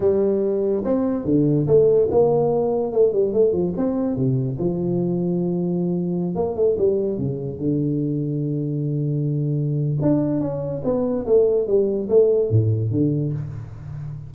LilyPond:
\new Staff \with { instrumentName = "tuba" } { \time 4/4 \tempo 4 = 144 g2 c'4 d4 | a4 ais2 a8 g8 | a8 f8 c'4 c4 f4~ | f2.~ f16 ais8 a16~ |
a16 g4 cis4 d4.~ d16~ | d1 | d'4 cis'4 b4 a4 | g4 a4 a,4 d4 | }